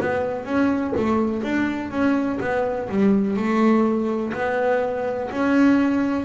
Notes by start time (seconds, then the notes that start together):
0.00 B3
0.45 C#4
0.96 A3
1.43 D4
1.90 C#4
2.40 B3
2.89 G3
3.36 A3
4.33 B3
5.31 C#4